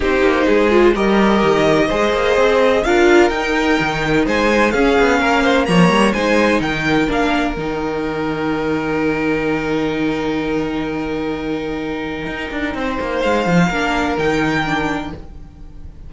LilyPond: <<
  \new Staff \with { instrumentName = "violin" } { \time 4/4 \tempo 4 = 127 c''2 dis''2~ | dis''2 f''4 g''4~ | g''4 gis''4 f''2 | ais''4 gis''4 g''4 f''4 |
g''1~ | g''1~ | g''1 | f''2 g''2 | }
  \new Staff \with { instrumentName = "violin" } { \time 4/4 g'4 gis'4 ais'2 | c''2 ais'2~ | ais'4 c''4 gis'4 ais'8 c''8 | cis''4 c''4 ais'2~ |
ais'1~ | ais'1~ | ais'2. c''4~ | c''4 ais'2. | }
  \new Staff \with { instrumentName = "viola" } { \time 4/4 dis'4. f'8 g'2 | gis'2 f'4 dis'4~ | dis'2 cis'2 | ais4 dis'2 d'4 |
dis'1~ | dis'1~ | dis'1~ | dis'4 d'4 dis'4 d'4 | }
  \new Staff \with { instrumentName = "cello" } { \time 4/4 c'8 ais8 gis4 g4 dis4 | gis8 ais8 c'4 d'4 dis'4 | dis4 gis4 cis'8 b8 ais4 | f8 g8 gis4 dis4 ais4 |
dis1~ | dis1~ | dis2 dis'8 d'8 c'8 ais8 | gis8 f8 ais4 dis2 | }
>>